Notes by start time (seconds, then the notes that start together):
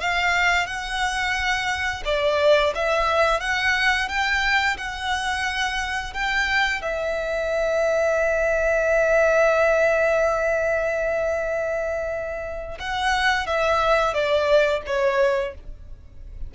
0.00 F5
0.67 F#5
2.05 D5
2.75 E5
3.40 F#5
4.09 G5
4.77 F#5
6.14 G5
6.82 E5
12.79 F#5
13.47 E5
14.14 D5
14.86 C#5